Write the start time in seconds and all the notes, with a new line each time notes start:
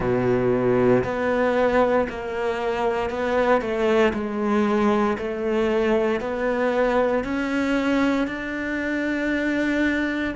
0.00 B2
1.03 B3
2.09 A#3
3.09 B3
3.61 A3
4.13 G#3
5.18 A3
6.20 B3
7.24 C#4
8.27 D4